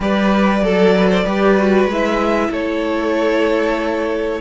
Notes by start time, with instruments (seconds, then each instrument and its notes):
0.00 cello G3, viola G4, violin B4 D5
0.60 cello F#3, violin A4, viola A4
0.97 violin B4
1.09 violin C5
1.23 cello G3, viola G4, violin B4
1.57 viola F#4
1.85 cello G#3
1.91 viola E4, violin E5
2.50 cello A3, violin A4 C#5